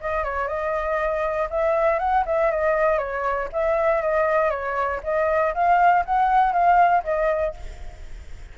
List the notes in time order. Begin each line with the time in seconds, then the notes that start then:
0.00 D#5
0.23 C#5
0.47 D#5
1.50 E5
1.99 F#5
2.26 E5
2.50 D#5
2.98 C#5
3.52 E5
4.01 D#5
4.50 C#5
5.03 D#5
5.54 F5
6.05 F#5
6.52 F5
7.03 D#5